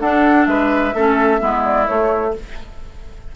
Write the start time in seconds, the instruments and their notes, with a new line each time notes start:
0.00 bassoon D4, clarinet D4, oboe A4, flute F#5
0.46 bassoon G#3, oboe B4, flute E5
0.95 bassoon A3, clarinet C#4, oboe A4
1.40 bassoon G#3, clarinet B3, oboe E4
1.64 flute D5
1.87 clarinet A3, bassoon A3, flute C#5